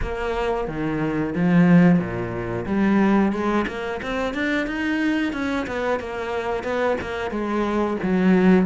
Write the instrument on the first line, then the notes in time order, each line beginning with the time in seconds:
cello
0.02 A#3
0.67 D#3
1.35 F3
1.98 A#2
2.65 G3
3.32 G#3
3.67 A#3
4.02 C4
4.33 D4
4.66 D#4
5.32 C#4
5.66 B3
5.99 A#3
6.63 B3
7.01 A#3
7.30 G#3
8.02 F#3